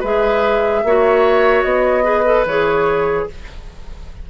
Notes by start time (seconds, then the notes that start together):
0.00 G#3 G#4 B4 E5
0.83 A#3 F#4 C#5
1.63 B3 D#5
2.03 G#4 B4
2.25 A4
2.45 E3 G#4 C#5